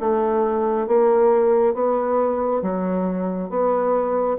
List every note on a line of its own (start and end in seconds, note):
0.00 0.87 A3
0.87 1.74 A#3
1.74 2.62 B3
2.62 3.50 F#3
3.50 4.38 B3